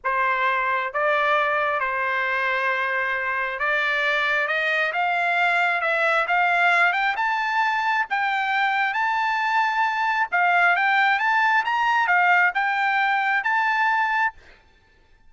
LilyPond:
\new Staff \with { instrumentName = "trumpet" } { \time 4/4 \tempo 4 = 134 c''2 d''2 | c''1 | d''2 dis''4 f''4~ | f''4 e''4 f''4. g''8 |
a''2 g''2 | a''2. f''4 | g''4 a''4 ais''4 f''4 | g''2 a''2 | }